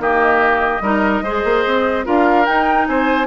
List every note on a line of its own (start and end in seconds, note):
0.00 0.81 D#3
0.00 0.83 A#3
0.00 0.83 G4
0.00 2.07 D#5
0.81 1.22 G3
0.81 1.25 D#4
0.81 1.24 A#4
1.23 1.43 G#3
1.23 2.05 G#4
1.23 2.06 C5
1.45 1.65 A#3
1.66 2.07 C4
2.05 2.48 D4
2.05 2.46 F4
2.05 2.88 A#4
2.05 2.46 F5
2.46 3.28 D#4
2.46 2.88 D#4
2.46 2.87 G5
2.88 3.28 C4
2.88 3.28 C5
2.88 3.28 G#5